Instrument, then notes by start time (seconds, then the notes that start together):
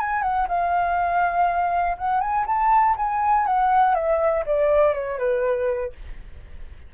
flute
0.00 G#5
0.22 F#5
0.48 F5
1.98 F#5
2.21 G#5
2.46 A5
2.97 G#5
3.46 F#5
3.95 E5
4.46 D5
4.94 C#5
5.18 B4